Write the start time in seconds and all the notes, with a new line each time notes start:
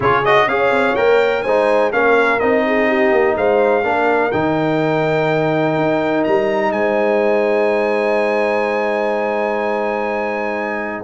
0.00 C#3 F4 G#4 C#5
0.25 F#4 D#5
0.46 C#4 G#4 C#5 F5
0.70 C4
0.95 A#3 A#4 G5
1.43 G#3 D#4 C5 G#5
1.92 A#3 C#4 A#4 F5
2.39 C4 D#4 D#5
2.66 G#4
2.88 G4
3.11 A#3
3.35 G#3 C5 F5
3.83 A#3 D4 A#4
4.31 D#3 D#4 G5
5.76 D#4
6.24 G3 A#5
6.70 G#3 C5 G#5